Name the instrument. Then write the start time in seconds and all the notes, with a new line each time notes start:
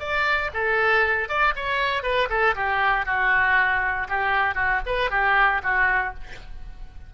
oboe
0.00 D5
0.54 A4
1.29 D5
1.56 C#5
2.03 B4
2.30 A4
2.56 G4
3.06 F#4
4.09 G4
4.55 F#4
4.86 B4
5.11 G4
5.63 F#4